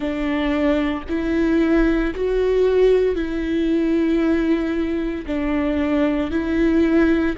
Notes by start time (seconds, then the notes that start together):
0.00 D4
1.08 E4
2.14 F#4
3.15 E4
5.26 D4
6.31 E4